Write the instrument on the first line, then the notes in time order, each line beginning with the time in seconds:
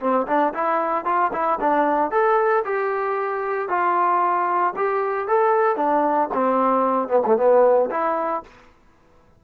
trombone
0.00 C4
0.27 D4
0.54 E4
1.05 F4
1.32 E4
1.60 D4
2.11 A4
2.64 G4
3.68 F4
4.76 G4
5.28 A4
5.76 D4
6.33 C4
7.08 B3
7.25 A3
7.37 B3
7.90 E4